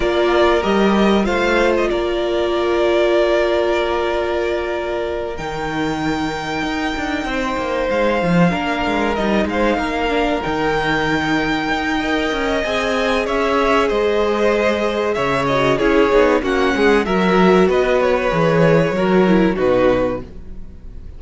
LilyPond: <<
  \new Staff \with { instrumentName = "violin" } { \time 4/4 \tempo 4 = 95 d''4 dis''4 f''8. dis''16 d''4~ | d''1~ | d''8 g''2.~ g''8~ | g''8 f''2 dis''8 f''4~ |
f''8 g''2.~ g''8 | gis''4 e''4 dis''2 | e''8 dis''8 cis''4 fis''4 e''4 | dis''8 cis''2~ cis''8 b'4 | }
  \new Staff \with { instrumentName = "violin" } { \time 4/4 ais'2 c''4 ais'4~ | ais'1~ | ais'2.~ ais'8 c''8~ | c''4. ais'4. c''8 ais'8~ |
ais'2. dis''4~ | dis''4 cis''4 c''2 | cis''4 gis'4 fis'8 gis'8 ais'4 | b'2 ais'4 fis'4 | }
  \new Staff \with { instrumentName = "viola" } { \time 4/4 f'4 g'4 f'2~ | f'1~ | f'8 dis'2.~ dis'8~ | dis'4. d'4 dis'4. |
d'8 dis'2~ dis'8 ais'4 | gis'1~ | gis'8 fis'8 e'8 dis'8 cis'4 fis'4~ | fis'4 gis'4 fis'8 e'8 dis'4 | }
  \new Staff \with { instrumentName = "cello" } { \time 4/4 ais4 g4 a4 ais4~ | ais1~ | ais8 dis2 dis'8 d'8 c'8 | ais8 gis8 f8 ais8 gis8 g8 gis8 ais8~ |
ais8 dis2 dis'4 cis'8 | c'4 cis'4 gis2 | cis4 cis'8 b8 ais8 gis8 fis4 | b4 e4 fis4 b,4 | }
>>